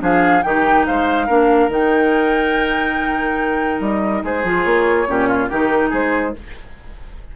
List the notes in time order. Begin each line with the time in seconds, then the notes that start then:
0.00 F3 D4 G#4 F5
0.43 D#3 D#4 G4 G5
0.86 G#3 C5 F5
1.26 A#3 D4 A#4
1.68 D#3 D#4 G5
3.80 G3 D#5
4.23 G#3 G#4 C5
4.43 F3 F4
4.63 A#3 C#5
5.07 A#2 C#4 G4
5.28 F4
5.49 D#3 D#4 G4 A#4
5.90 G#3 G#4 C5